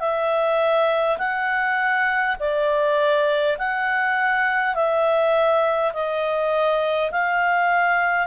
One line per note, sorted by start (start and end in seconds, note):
0.00 1.18 E5
1.18 2.36 F#5
2.40 3.57 D5
3.58 4.75 F#5
4.75 5.93 E5
5.93 7.11 D#5
7.11 8.27 F5